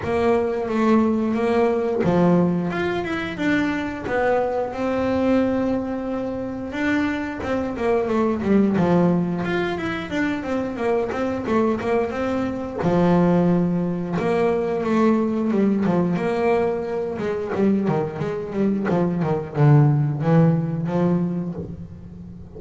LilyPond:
\new Staff \with { instrumentName = "double bass" } { \time 4/4 \tempo 4 = 89 ais4 a4 ais4 f4 | f'8 e'8 d'4 b4 c'4~ | c'2 d'4 c'8 ais8 | a8 g8 f4 f'8 e'8 d'8 c'8 |
ais8 c'8 a8 ais8 c'4 f4~ | f4 ais4 a4 g8 f8 | ais4. gis8 g8 dis8 gis8 g8 | f8 dis8 d4 e4 f4 | }